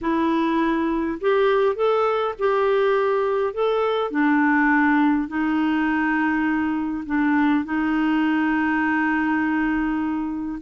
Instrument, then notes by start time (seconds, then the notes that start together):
clarinet
0.01 E4
1.21 G4
1.75 A4
2.38 G4
3.53 A4
4.10 D4
5.28 D#4
7.06 D4
7.64 D#4